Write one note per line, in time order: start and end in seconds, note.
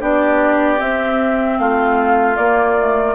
0.00 0.80 B3
0.00 0.78 D4
0.00 1.58 G4
0.00 0.80 D5
0.78 2.36 C4
0.78 1.59 C4
0.78 1.59 E5
1.59 2.38 A3
1.59 3.15 F4
1.59 2.37 F5
2.37 3.15 A#3
2.37 2.78 A#3
2.37 3.15 D5
2.78 3.15 A3